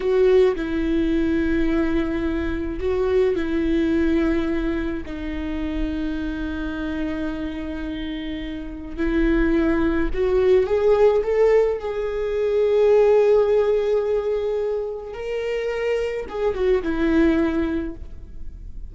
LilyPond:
\new Staff \with { instrumentName = "viola" } { \time 4/4 \tempo 4 = 107 fis'4 e'2.~ | e'4 fis'4 e'2~ | e'4 dis'2.~ | dis'1 |
e'2 fis'4 gis'4 | a'4 gis'2.~ | gis'2. ais'4~ | ais'4 gis'8 fis'8 e'2 | }